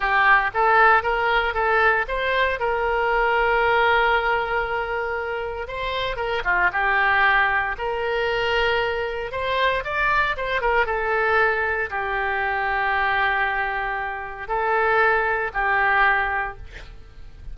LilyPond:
\new Staff \with { instrumentName = "oboe" } { \time 4/4 \tempo 4 = 116 g'4 a'4 ais'4 a'4 | c''4 ais'2.~ | ais'2. c''4 | ais'8 f'8 g'2 ais'4~ |
ais'2 c''4 d''4 | c''8 ais'8 a'2 g'4~ | g'1 | a'2 g'2 | }